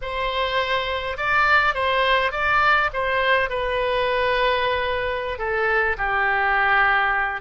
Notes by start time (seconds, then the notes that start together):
0.01 C5
1.17 D5
1.74 C5
2.31 D5
2.93 C5
3.49 B4
5.38 A4
5.97 G4